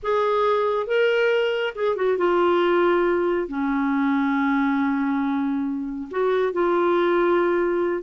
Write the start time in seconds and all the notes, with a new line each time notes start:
0.02 G#4
0.87 A#4
1.75 G#4
1.95 F#4
2.17 F4
3.48 C#4
6.10 F#4
6.52 F4